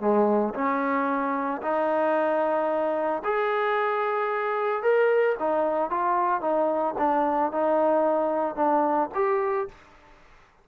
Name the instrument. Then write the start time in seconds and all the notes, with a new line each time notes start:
trombone
0.00 G#3
0.54 C#4
1.61 D#4
3.24 G#4
4.82 A#4
5.39 D#4
5.90 F4
6.41 D#4
6.98 D4
7.51 D#4
8.55 D4
9.14 G4